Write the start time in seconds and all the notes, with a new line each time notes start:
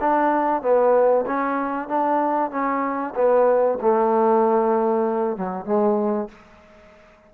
0.00 D4
0.62 B3
1.26 C#4
1.88 D4
2.50 C#4
3.15 B3
3.81 A3
5.37 F#3
5.65 G#3